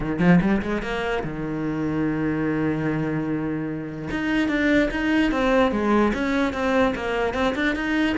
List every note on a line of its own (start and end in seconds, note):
0.00 0.19 D#3
0.19 0.39 F3
0.41 0.61 G3
0.62 0.82 G#3
0.82 1.23 A#3
1.23 4.09 D#3
4.10 4.48 D#4
4.48 4.89 D4
4.90 5.31 D#4
5.31 5.71 C4
5.71 6.12 G#3
6.13 6.53 C#4
6.53 6.94 C4
6.95 7.34 A#3
7.34 7.54 C4
7.55 7.75 D4
7.75 8.16 D#4